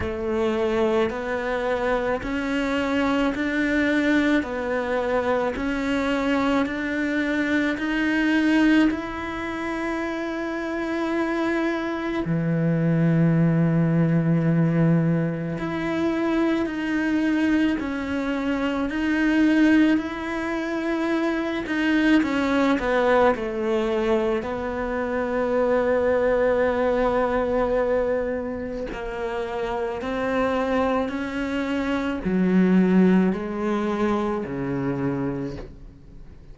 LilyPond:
\new Staff \with { instrumentName = "cello" } { \time 4/4 \tempo 4 = 54 a4 b4 cis'4 d'4 | b4 cis'4 d'4 dis'4 | e'2. e4~ | e2 e'4 dis'4 |
cis'4 dis'4 e'4. dis'8 | cis'8 b8 a4 b2~ | b2 ais4 c'4 | cis'4 fis4 gis4 cis4 | }